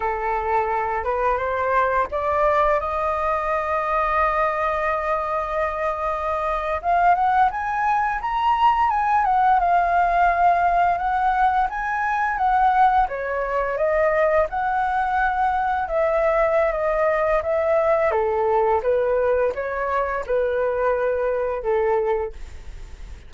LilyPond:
\new Staff \with { instrumentName = "flute" } { \time 4/4 \tempo 4 = 86 a'4. b'8 c''4 d''4 | dis''1~ | dis''4.~ dis''16 f''8 fis''8 gis''4 ais''16~ | ais''8. gis''8 fis''8 f''2 fis''16~ |
fis''8. gis''4 fis''4 cis''4 dis''16~ | dis''8. fis''2 e''4~ e''16 | dis''4 e''4 a'4 b'4 | cis''4 b'2 a'4 | }